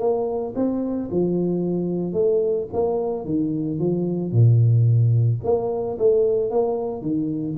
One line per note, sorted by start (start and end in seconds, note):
0.00 0.54 A#3
0.56 1.10 C4
1.12 2.14 F3
2.14 2.68 A3
2.73 3.26 A#3
3.26 3.80 D#3
3.80 4.32 F3
4.32 5.41 A#2
5.44 5.98 A#3
5.99 6.51 A3
6.51 7.02 A#3
7.02 7.56 D#3